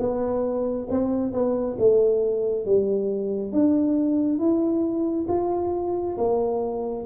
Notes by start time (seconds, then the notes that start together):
0.00 B3
0.90 C4
1.33 B3
1.79 A3
2.66 G3
3.53 D4
4.39 E4
5.29 F4
6.18 A#3